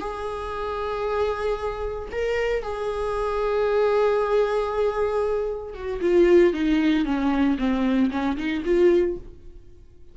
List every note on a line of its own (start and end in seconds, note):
0.00 2.09 G#4
2.12 2.63 A#4
2.63 5.74 G#4
5.74 6.00 F#4
6.01 6.53 F4
6.53 7.05 D#4
7.05 7.57 C#4
7.58 8.11 C4
8.11 8.37 C#4
8.37 8.63 D#4
8.65 9.17 F4